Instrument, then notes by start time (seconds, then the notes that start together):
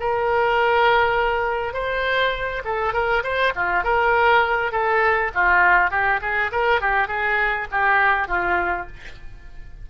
oboe
0.00 A#4
1.74 C5
2.65 A4
2.94 A#4
3.23 C5
3.55 F4
3.84 A#4
4.72 A4
5.35 F4
5.91 G4
6.22 G#4
6.52 A#4
6.81 G4
7.08 G#4
7.72 G4
8.28 F4